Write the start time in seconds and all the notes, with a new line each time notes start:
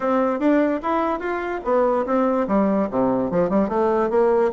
0.00 C4
0.39 D4
0.82 E4
1.19 F4
1.64 B3
2.05 C4
2.47 G3
2.90 C3
3.30 F3
3.49 G3
3.69 A3
4.10 A#3